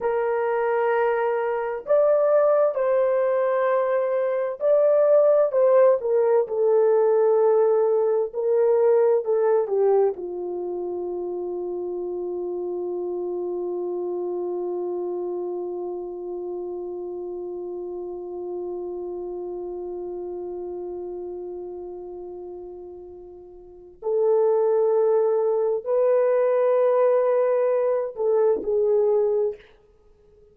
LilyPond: \new Staff \with { instrumentName = "horn" } { \time 4/4 \tempo 4 = 65 ais'2 d''4 c''4~ | c''4 d''4 c''8 ais'8 a'4~ | a'4 ais'4 a'8 g'8 f'4~ | f'1~ |
f'1~ | f'1~ | f'2 a'2 | b'2~ b'8 a'8 gis'4 | }